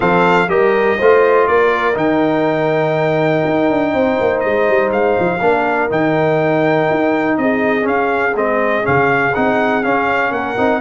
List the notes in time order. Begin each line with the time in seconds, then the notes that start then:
0.00 F3 C4 A4 F5
0.47 G3 G4 A#4 D#5
0.98 A3 F4 C5
1.47 A#3 A#4 D5
1.94 D#3 D#4 G5
3.45 D#4
3.69 D4
3.93 C4 C5
4.20 A#3
4.40 G#3 D#5
4.69 G3
4.91 G#3 F5
5.19 F3
5.40 A#3 D4 A#4
5.89 D#3 D#4 G5
6.89 D#4
7.37 C4 G#4 D#5
7.82 C#4 F5
8.35 G#3 C4 D#5
8.83 C#3 C#4 F5
9.34 C4 D#4 F#5
9.83 C#4 F5
10.30 A#3 A#4 F#5
10.57 C4 D#4